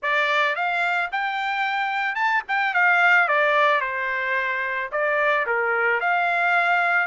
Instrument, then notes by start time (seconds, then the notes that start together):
trumpet
0.02 D5
0.55 F5
1.11 G5
2.15 A5
2.48 G5
2.74 F5
3.28 D5
3.80 C5
4.91 D5
5.46 A#4
6.00 F5